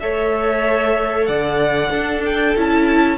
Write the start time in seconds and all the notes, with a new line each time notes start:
0.00 A3 A4 C#5 E5
1.26 D3 D5 F#5
1.90 D4 A4
2.25 G5
2.56 C#4 E4 A5